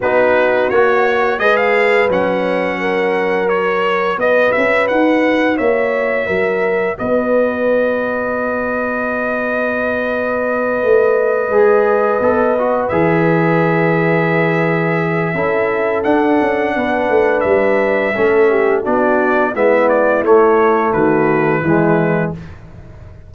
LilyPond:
<<
  \new Staff \with { instrumentName = "trumpet" } { \time 4/4 \tempo 4 = 86 b'4 cis''4 dis''16 f''8. fis''4~ | fis''4 cis''4 dis''8 e''8 fis''4 | e''2 dis''2~ | dis''1~ |
dis''2~ dis''8 e''4.~ | e''2. fis''4~ | fis''4 e''2 d''4 | e''8 d''8 cis''4 b'2 | }
  \new Staff \with { instrumentName = "horn" } { \time 4/4 fis'2 b'2 | ais'2 b'2 | cis''4 ais'4 b'2~ | b'1~ |
b'1~ | b'2 a'2 | b'2 a'8 g'8 fis'4 | e'2 fis'4 e'4 | }
  \new Staff \with { instrumentName = "trombone" } { \time 4/4 dis'4 fis'4 gis'4 cis'4~ | cis'4 fis'2.~ | fis'1~ | fis'1~ |
fis'8 gis'4 a'8 fis'8 gis'4.~ | gis'2 e'4 d'4~ | d'2 cis'4 d'4 | b4 a2 gis4 | }
  \new Staff \with { instrumentName = "tuba" } { \time 4/4 b4 ais4 gis4 fis4~ | fis2 b8 cis'8 dis'4 | ais4 fis4 b2~ | b2.~ b8 a8~ |
a8 gis4 b4 e4.~ | e2 cis'4 d'8 cis'8 | b8 a8 g4 a4 b4 | gis4 a4 dis4 e4 | }
>>